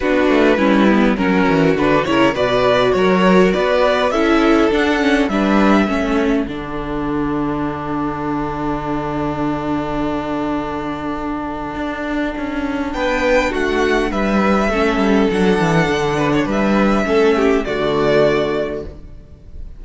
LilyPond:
<<
  \new Staff \with { instrumentName = "violin" } { \time 4/4 \tempo 4 = 102 b'2 ais'4 b'8 cis''8 | d''4 cis''4 d''4 e''4 | fis''4 e''2 fis''4~ | fis''1~ |
fis''1~ | fis''2 g''4 fis''4 | e''2 fis''2 | e''2 d''2 | }
  \new Staff \with { instrumentName = "violin" } { \time 4/4 fis'4 e'4 fis'4. ais'8 | b'4 ais'4 b'4 a'4~ | a'4 b'4 a'2~ | a'1~ |
a'1~ | a'2 b'4 fis'4 | b'4 a'2~ a'8 b'16 cis''16 | b'4 a'8 g'8 fis'2 | }
  \new Staff \with { instrumentName = "viola" } { \time 4/4 d'4 cis'8 b8 cis'4 d'8 e'8 | fis'2. e'4 | d'8 cis'8 d'4 cis'4 d'4~ | d'1~ |
d'1~ | d'1~ | d'4 cis'4 d'2~ | d'4 cis'4 a2 | }
  \new Staff \with { instrumentName = "cello" } { \time 4/4 b8 a8 g4 fis8 e8 d8 cis8 | b,4 fis4 b4 cis'4 | d'4 g4 a4 d4~ | d1~ |
d1 | d'4 cis'4 b4 a4 | g4 a8 g8 fis8 e8 d4 | g4 a4 d2 | }
>>